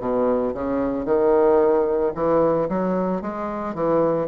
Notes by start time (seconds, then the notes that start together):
0.00 B2
0.54 C#3
1.05 D#3
2.15 E3
2.69 F#3
3.22 G#3
3.75 E3